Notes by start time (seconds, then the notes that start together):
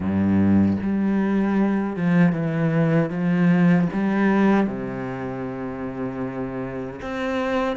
0.00 G2
0.82 G3
1.96 F3
2.32 E3
3.10 F3
3.92 G3
4.66 C3
7.01 C4